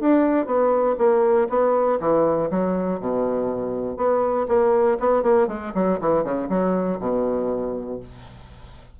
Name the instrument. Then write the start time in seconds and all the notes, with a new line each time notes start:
bassoon
0.00 D4
0.46 B3
0.98 A#3
1.49 B3
2.00 E3
2.50 F#3
3.00 B2
3.97 B3
4.48 A#3
5.00 B3
5.23 A#3
5.48 G#3
5.75 F#3
6.00 E3
6.24 C#3
6.49 F#3
7.00 B2